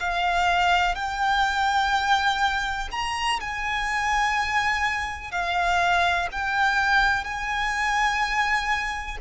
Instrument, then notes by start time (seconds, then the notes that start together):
violin
0.00 F5
0.95 G5
2.92 A#5
3.41 G#5
5.32 F5
6.32 G5
7.24 G#5